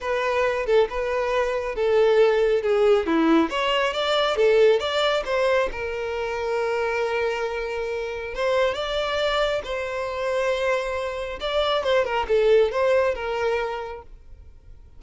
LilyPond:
\new Staff \with { instrumentName = "violin" } { \time 4/4 \tempo 4 = 137 b'4. a'8 b'2 | a'2 gis'4 e'4 | cis''4 d''4 a'4 d''4 | c''4 ais'2.~ |
ais'2. c''4 | d''2 c''2~ | c''2 d''4 c''8 ais'8 | a'4 c''4 ais'2 | }